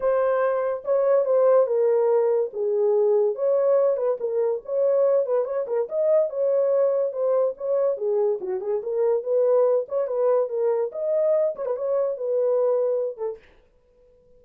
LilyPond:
\new Staff \with { instrumentName = "horn" } { \time 4/4 \tempo 4 = 143 c''2 cis''4 c''4 | ais'2 gis'2 | cis''4. b'8 ais'4 cis''4~ | cis''8 b'8 cis''8 ais'8 dis''4 cis''4~ |
cis''4 c''4 cis''4 gis'4 | fis'8 gis'8 ais'4 b'4. cis''8 | b'4 ais'4 dis''4. cis''16 b'16 | cis''4 b'2~ b'8 a'8 | }